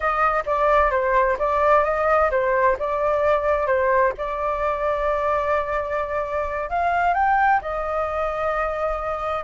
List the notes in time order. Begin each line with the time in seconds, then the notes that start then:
0.00 D#5
0.46 D5
0.90 C5
1.38 D5
1.84 D#5
2.30 C5
2.78 D5
3.66 C5
4.17 D5
6.69 F5
7.14 G5
7.61 D#5